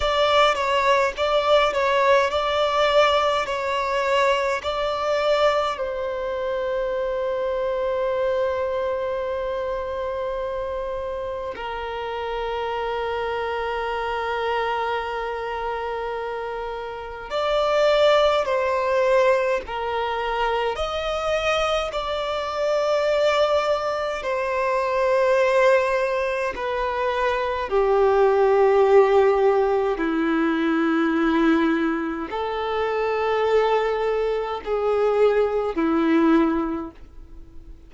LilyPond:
\new Staff \with { instrumentName = "violin" } { \time 4/4 \tempo 4 = 52 d''8 cis''8 d''8 cis''8 d''4 cis''4 | d''4 c''2.~ | c''2 ais'2~ | ais'2. d''4 |
c''4 ais'4 dis''4 d''4~ | d''4 c''2 b'4 | g'2 e'2 | a'2 gis'4 e'4 | }